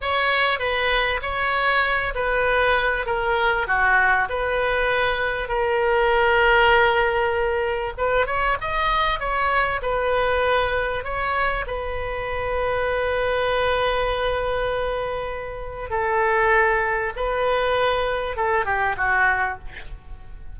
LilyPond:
\new Staff \with { instrumentName = "oboe" } { \time 4/4 \tempo 4 = 98 cis''4 b'4 cis''4. b'8~ | b'4 ais'4 fis'4 b'4~ | b'4 ais'2.~ | ais'4 b'8 cis''8 dis''4 cis''4 |
b'2 cis''4 b'4~ | b'1~ | b'2 a'2 | b'2 a'8 g'8 fis'4 | }